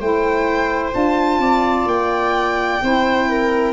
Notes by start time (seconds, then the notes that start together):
0.00 A3 E4 C5 G5
0.92 D4 F4 A5
1.38 C4 D5
1.86 A#3 G5
2.81 C4 E4 C5
3.29 A#4